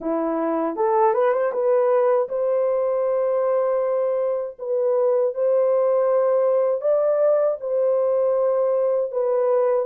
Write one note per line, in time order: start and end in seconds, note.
0.00 0.76 E4
0.76 1.13 A4
1.13 1.32 B4
1.33 1.52 C5
1.52 2.28 B4
2.29 4.56 C5
4.58 5.34 B4
5.34 6.81 C5
6.81 7.57 D5
7.60 9.11 C5
9.11 9.85 B4